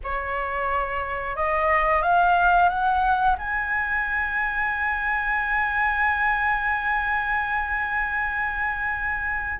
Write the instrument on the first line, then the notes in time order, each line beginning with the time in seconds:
flute
0.03 C#5
1.36 D#5
2.02 F5
2.69 F#5
3.37 G#5